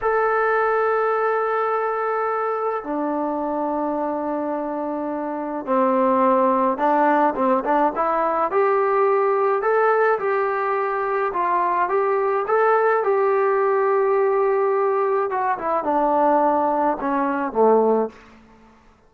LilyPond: \new Staff \with { instrumentName = "trombone" } { \time 4/4 \tempo 4 = 106 a'1~ | a'4 d'2.~ | d'2 c'2 | d'4 c'8 d'8 e'4 g'4~ |
g'4 a'4 g'2 | f'4 g'4 a'4 g'4~ | g'2. fis'8 e'8 | d'2 cis'4 a4 | }